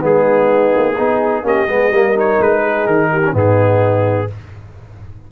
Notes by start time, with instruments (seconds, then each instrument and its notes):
0.00 tuba G#3, trombone B3, horn D#4, trumpet G#4
0.76 tuba A#3
0.96 tuba B3, trombone D#4, horn G#4
1.43 tuba A#3, trombone C#4, horn G4, trumpet D#5
1.68 tuba G#3, trombone B3, horn G#4
1.90 tuba G3, trombone A#3, horn A#4
2.15 trombone D#4, trumpet C#5
2.40 tuba G#3, trumpet B4
2.62 horn G#4
2.87 tuba D#3, trumpet A#4
3.12 horn G4
3.26 trombone C#4
3.33 tuba G#2, trombone B3, horn D#4, trumpet G#4